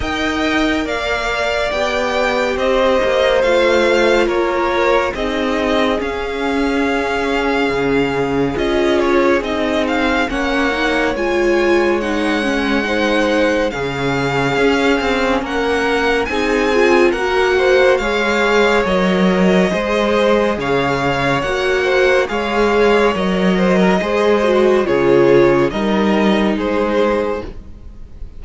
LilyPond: <<
  \new Staff \with { instrumentName = "violin" } { \time 4/4 \tempo 4 = 70 g''4 f''4 g''4 dis''4 | f''4 cis''4 dis''4 f''4~ | f''2 dis''8 cis''8 dis''8 f''8 | fis''4 gis''4 fis''2 |
f''2 fis''4 gis''4 | fis''4 f''4 dis''2 | f''4 fis''4 f''4 dis''4~ | dis''4 cis''4 dis''4 c''4 | }
  \new Staff \with { instrumentName = "violin" } { \time 4/4 dis''4 d''2 c''4~ | c''4 ais'4 gis'2~ | gis'1 | cis''2. c''4 |
gis'2 ais'4 gis'4 | ais'8 c''8 cis''2 c''4 | cis''4. c''8 cis''4. c''16 ais'16 | c''4 gis'4 ais'4 gis'4 | }
  \new Staff \with { instrumentName = "viola" } { \time 4/4 ais'2 g'2 | f'2 dis'4 cis'4~ | cis'2 f'4 dis'4 | cis'8 dis'8 f'4 dis'8 cis'8 dis'4 |
cis'2. dis'8 f'8 | fis'4 gis'4 ais'4 gis'4~ | gis'4 fis'4 gis'4 ais'4 | gis'8 fis'8 f'4 dis'2 | }
  \new Staff \with { instrumentName = "cello" } { \time 4/4 dis'4 ais4 b4 c'8 ais8 | a4 ais4 c'4 cis'4~ | cis'4 cis4 cis'4 c'4 | ais4 gis2. |
cis4 cis'8 c'8 ais4 c'4 | ais4 gis4 fis4 gis4 | cis4 ais4 gis4 fis4 | gis4 cis4 g4 gis4 | }
>>